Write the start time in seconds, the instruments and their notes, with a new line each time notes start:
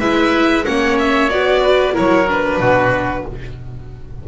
0.00 double bass G#3, viola E4, oboe B4, violin E5
0.65 double bass A#3, viola C#4, oboe C#5, violin F#5
0.99 violin E5
1.29 double bass B3, viola F#4, violin D5
1.62 oboe B4
1.93 double bass F#3, viola E4, oboe A#4, violin C#5
2.28 viola D4, violin B4
2.59 double bass B2, oboe F#4